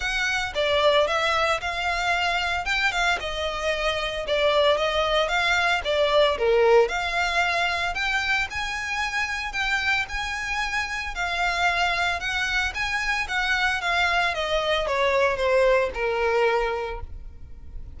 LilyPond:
\new Staff \with { instrumentName = "violin" } { \time 4/4 \tempo 4 = 113 fis''4 d''4 e''4 f''4~ | f''4 g''8 f''8 dis''2 | d''4 dis''4 f''4 d''4 | ais'4 f''2 g''4 |
gis''2 g''4 gis''4~ | gis''4 f''2 fis''4 | gis''4 fis''4 f''4 dis''4 | cis''4 c''4 ais'2 | }